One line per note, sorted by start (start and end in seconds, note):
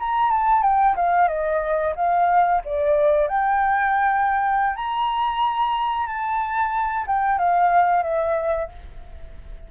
0.00 0.31 A#5
0.31 0.63 A5
0.63 0.96 G5
0.96 1.28 F5
1.28 1.94 D#5
1.96 2.62 F5
2.65 3.28 D5
3.28 4.76 G5
4.76 6.07 A#5
6.07 7.06 A5
7.07 7.39 G5
7.39 8.03 F5
8.03 8.69 E5